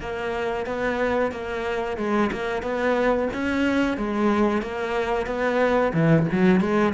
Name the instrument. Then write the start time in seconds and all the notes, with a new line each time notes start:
cello
0.00 A#3
0.66 B3
1.31 A#3
1.97 G#3
2.32 A#3
2.62 B3
3.33 C#4
3.97 G#3
4.62 A#3
5.26 B3
5.93 E3
6.31 F#3
6.60 G#3